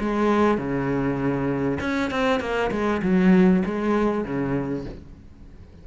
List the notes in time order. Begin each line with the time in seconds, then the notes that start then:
0.00 G#3
0.58 C#3
1.80 C#4
2.10 C4
2.40 A#3
2.71 G#3
3.02 F#3
3.65 G#3
4.25 C#3